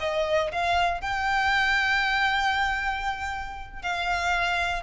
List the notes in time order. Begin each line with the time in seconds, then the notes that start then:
0.00 D#5
0.52 F5
1.01 G5
3.82 F5